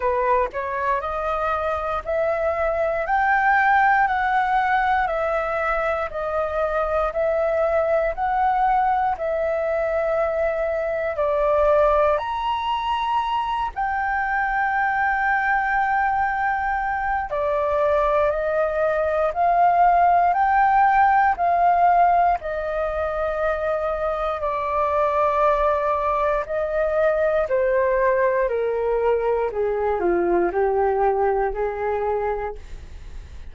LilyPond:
\new Staff \with { instrumentName = "flute" } { \time 4/4 \tempo 4 = 59 b'8 cis''8 dis''4 e''4 g''4 | fis''4 e''4 dis''4 e''4 | fis''4 e''2 d''4 | ais''4. g''2~ g''8~ |
g''4 d''4 dis''4 f''4 | g''4 f''4 dis''2 | d''2 dis''4 c''4 | ais'4 gis'8 f'8 g'4 gis'4 | }